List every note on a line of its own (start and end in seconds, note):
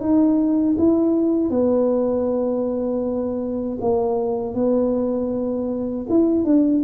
0.00 0.76 D#4
0.78 1.50 E4
1.50 3.78 B3
3.81 4.55 A#3
4.55 6.07 B3
6.09 6.45 E4
6.45 6.83 D4